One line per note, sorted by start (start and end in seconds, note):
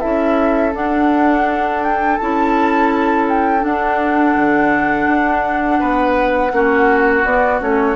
0.00 0.74 C#4
0.00 0.73 E4
0.00 5.78 A4
0.00 0.73 E5
0.73 2.18 D4
0.73 2.19 D4
0.73 1.84 F#5
1.84 2.18 G5
2.18 3.65 C#4
2.18 3.60 E4
2.18 3.26 A5
3.29 3.64 G5
3.60 6.49 D4
3.60 4.36 D4
3.60 7.25 F#5
4.36 5.08 D3
5.08 5.80 D4
5.80 6.52 B3
5.80 6.52 B4
6.52 7.24 A#3
6.52 7.25 C#4
6.52 7.96 F#4
7.24 7.61 B3
7.24 7.61 D5
7.61 7.96 A3
7.61 7.96 C#4
7.61 7.96 C#5